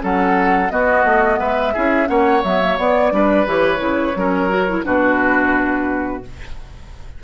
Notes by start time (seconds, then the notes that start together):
0.00 F#3 C#4 A4 F#5
0.70 B3 F#4 D#5
1.04 A3
1.39 G#3 B4 E5
1.74 C#4 E4 G#4
2.07 A#3 C#4 C#5 F#5
2.44 F#3 B3 E5
2.61 A#3
2.78 B3 D5
3.12 G3 D4 B4
3.47 E3 G4 C#5
3.78 C#3 E4
4.16 F#3 C#4 A#4
4.50 F#4
4.68 E4
4.84 B2 D4 F#4 B4